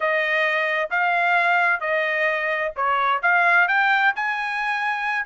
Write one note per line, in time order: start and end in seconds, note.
0.00 0.89 D#5
0.90 1.80 F5
1.80 2.71 D#5
2.76 3.21 C#5
3.22 3.67 F5
3.67 4.13 G5
4.15 5.25 G#5